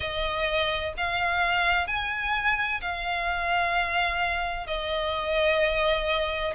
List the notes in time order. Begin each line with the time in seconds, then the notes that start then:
0.00 D#5
0.97 F5
1.87 G#5
2.81 F5
4.66 D#5